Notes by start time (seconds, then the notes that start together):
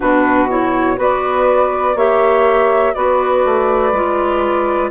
0.00 B2 D4 F#4 B4
0.49 E4 C#5
0.96 B3 F#4 B4 D5
1.95 A#3 G4 C#5 E5
2.93 B3 F#4 B4 D5
3.45 A3
3.92 G#3 F4